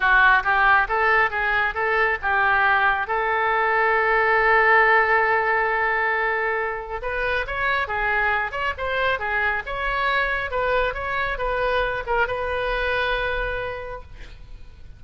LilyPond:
\new Staff \with { instrumentName = "oboe" } { \time 4/4 \tempo 4 = 137 fis'4 g'4 a'4 gis'4 | a'4 g'2 a'4~ | a'1~ | a'1 |
b'4 cis''4 gis'4. cis''8 | c''4 gis'4 cis''2 | b'4 cis''4 b'4. ais'8 | b'1 | }